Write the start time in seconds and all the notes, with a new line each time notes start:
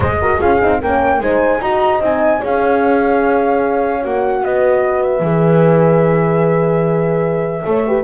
0.00 G#3 G#4 C5 D#5
0.21 F#4 A#4
0.39 C#4 F4 G#4 F5
0.61 C4 D#4
0.80 A#3 C#4 A#4 G5
1.20 G#3 D#4 C5 G#5
1.60 D#4 F#4 D#5 A#5
2.00 C4 D#4 G#5
2.40 C#4 G#4 C#5 F5
4.02 A#3 F#4 F#5
4.42 B3 B4 D#5
5.02 E5
5.19 E3 G#4
7.65 A3 A4 C#5
7.86 G4 B4